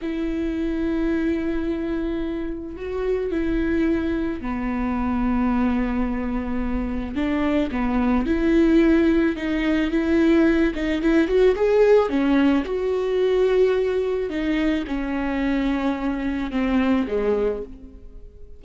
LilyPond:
\new Staff \with { instrumentName = "viola" } { \time 4/4 \tempo 4 = 109 e'1~ | e'4 fis'4 e'2 | b1~ | b4 d'4 b4 e'4~ |
e'4 dis'4 e'4. dis'8 | e'8 fis'8 gis'4 cis'4 fis'4~ | fis'2 dis'4 cis'4~ | cis'2 c'4 gis4 | }